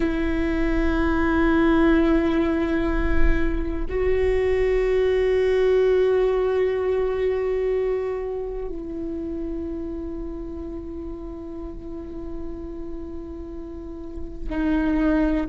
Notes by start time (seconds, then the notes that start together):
0.00 E4
3.89 F#4
8.68 E4
14.49 D#4